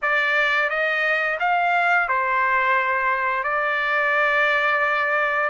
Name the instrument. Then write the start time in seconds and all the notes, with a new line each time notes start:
trumpet
0.02 D5
0.69 D#5
1.39 F5
2.08 C5
3.43 D5